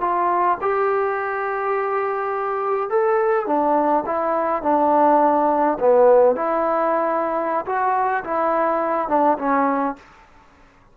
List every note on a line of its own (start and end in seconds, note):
0.00 0.58 F4
0.61 2.89 G4
2.89 3.46 A4
3.46 4.04 D4
4.06 4.62 E4
4.62 5.77 D4
5.79 6.35 B3
6.35 7.65 E4
7.66 8.23 F#4
8.24 9.08 E4
9.08 9.37 D4
9.38 9.96 C#4